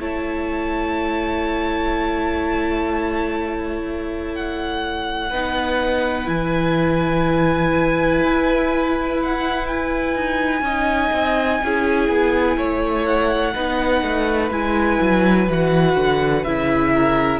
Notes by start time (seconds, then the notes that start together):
0.00 A3 E4 C#5 A5
4.35 F#5
5.30 B3 D#4 B4
6.25 E3 E4 G#5
8.22 E4
9.23 F#5
9.67 G#5
10.15 D#4
10.61 C#4 D#4 D#5
11.13 C4
11.64 C#4 E4 G#4
12.09 B3
12.57 A3 C#5
13.05 F#5
13.54 B3 D#4 B4
14.02 A3
14.51 G#3 E4 G#5
15.01 F#3
15.49 E3 F#4 F#5
15.96 D3
16.44 C#3 E4 E5
16.93 A#4